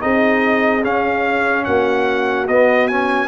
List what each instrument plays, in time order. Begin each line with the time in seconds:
0.00 tuba C4, trombone D#4, horn G#4, trumpet D#5
0.84 trombone C#4, tuba C#4, trumpet F5
1.64 tuba A#3, horn F#4, trumpet F#5
2.48 tuba B3, trombone B3, trumpet D#5
2.88 trombone C#4, trumpet G#5